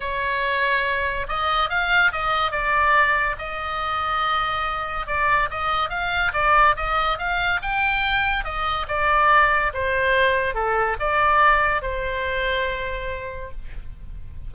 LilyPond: \new Staff \with { instrumentName = "oboe" } { \time 4/4 \tempo 4 = 142 cis''2. dis''4 | f''4 dis''4 d''2 | dis''1 | d''4 dis''4 f''4 d''4 |
dis''4 f''4 g''2 | dis''4 d''2 c''4~ | c''4 a'4 d''2 | c''1 | }